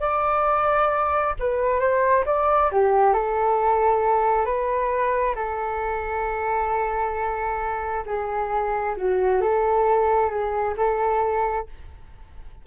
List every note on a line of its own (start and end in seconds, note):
0.00 1.34 D5
1.39 1.80 B4
1.80 2.24 C5
2.26 2.70 D5
2.72 3.13 G4
3.13 4.45 A4
4.45 5.35 B4
5.35 8.04 A4
8.06 8.96 G#4
8.96 9.41 F#4
9.41 10.30 A4
10.30 10.75 G#4
10.77 11.67 A4